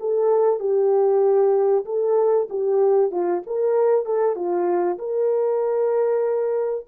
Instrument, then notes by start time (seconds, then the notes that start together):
horn
0.00 A4
0.60 G4
1.86 A4
2.50 G4
3.11 F4
3.47 A#4
4.06 A4
4.36 F4
4.99 A#4